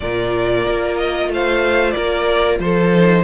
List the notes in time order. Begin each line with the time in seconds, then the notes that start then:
0.00 A#2 F4 A#4 D5
0.66 A#3
0.97 D#5
1.29 A3 C5 F5
1.91 A#3 A#4 D5
2.59 F3 A4 C5
2.94 D#4